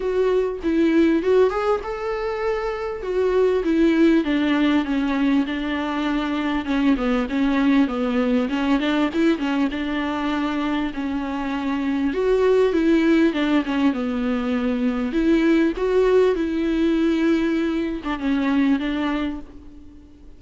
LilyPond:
\new Staff \with { instrumentName = "viola" } { \time 4/4 \tempo 4 = 99 fis'4 e'4 fis'8 gis'8 a'4~ | a'4 fis'4 e'4 d'4 | cis'4 d'2 cis'8 b8 | cis'4 b4 cis'8 d'8 e'8 cis'8 |
d'2 cis'2 | fis'4 e'4 d'8 cis'8 b4~ | b4 e'4 fis'4 e'4~ | e'4.~ e'16 d'16 cis'4 d'4 | }